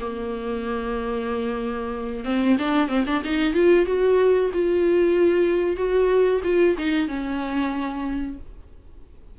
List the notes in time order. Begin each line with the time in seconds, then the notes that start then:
0.00 A#3
2.24 C4
2.58 D4
2.88 C4
3.06 D4
3.24 D#4
3.53 F4
3.86 F#4
4.53 F4
5.76 F#4
6.44 F4
6.77 D#4
7.07 C#4